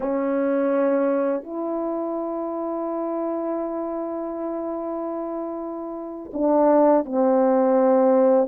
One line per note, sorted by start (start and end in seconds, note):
0.00 1.43 C#4
1.43 6.31 E4
6.33 7.05 D4
7.05 8.47 C4